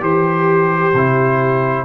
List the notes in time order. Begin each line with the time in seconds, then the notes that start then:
0.00 E3 G4 C5
0.94 C3 E4